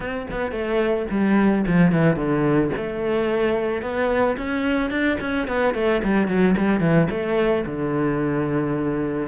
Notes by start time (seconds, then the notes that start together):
0.00 C4
0.30 B3
0.51 A3
1.10 G3
1.66 F3
1.92 E3
2.15 D3
2.76 A3
3.82 B3
4.37 C#4
4.90 D4
5.20 C#4
5.47 B3
5.74 A3
6.03 G3
6.27 F#3
6.57 G3
6.80 E3
7.10 A3
7.66 D3